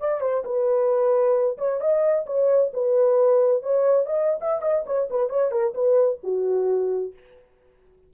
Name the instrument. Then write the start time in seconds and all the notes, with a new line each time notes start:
horn
0.00 D5
0.21 C5
0.45 B4
1.58 C#5
1.81 D#5
2.26 C#5
2.74 B4
3.63 C#5
4.06 D#5
4.41 E5
4.62 D#5
4.86 C#5
5.10 B4
5.29 C#5
5.52 A#4
5.74 B4
6.23 F#4